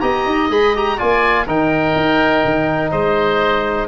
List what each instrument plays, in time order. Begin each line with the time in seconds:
0.00 tuba B3, trombone G4, oboe D#5 A#5
0.26 tuba D#4
0.49 tuba G#3, trombone G#4, oboe B5
0.75 trombone G4, oboe A#5
0.97 tuba A#3, trombone F4, oboe D5 G#5
1.46 tuba D#3, trombone D#4, oboe A#4 G5
1.96 tuba D#4
2.45 tuba D#3
2.91 tuba G#3, oboe C5 D#5